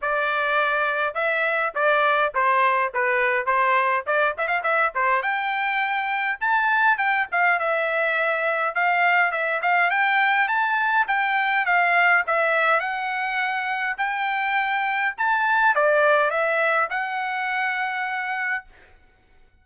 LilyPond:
\new Staff \with { instrumentName = "trumpet" } { \time 4/4 \tempo 4 = 103 d''2 e''4 d''4 | c''4 b'4 c''4 d''8 e''16 f''16 | e''8 c''8 g''2 a''4 | g''8 f''8 e''2 f''4 |
e''8 f''8 g''4 a''4 g''4 | f''4 e''4 fis''2 | g''2 a''4 d''4 | e''4 fis''2. | }